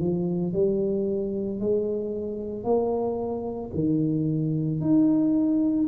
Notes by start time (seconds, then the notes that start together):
0.00 F3
0.54 G3
1.60 G#3
2.64 A#3
3.75 D#3
4.81 D#4